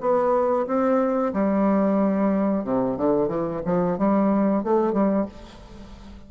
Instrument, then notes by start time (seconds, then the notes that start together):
bassoon
0.00 B3
0.67 C4
1.33 G3
2.64 C3
2.96 D3
3.28 E3
3.65 F3
3.98 G3
4.63 A3
4.92 G3